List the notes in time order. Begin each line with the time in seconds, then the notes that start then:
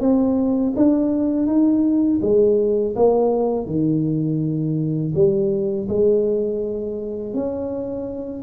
0.00 C4
0.76 D4
1.47 D#4
2.22 G#3
2.96 A#3
3.66 D#3
5.15 G3
5.88 G#3
7.34 C#4